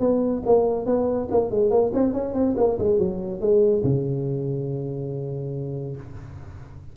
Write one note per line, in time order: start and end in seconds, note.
0.00 0.43 B3
0.46 0.86 A#3
0.86 1.28 B3
1.31 1.51 A#3
1.51 1.70 G#3
1.70 1.92 A#3
1.94 2.13 C4
2.13 2.34 C#4
2.34 2.55 C4
2.57 2.78 A#3
2.79 2.98 G#3
2.98 3.41 F#3
3.41 3.83 G#3
3.84 5.96 C#3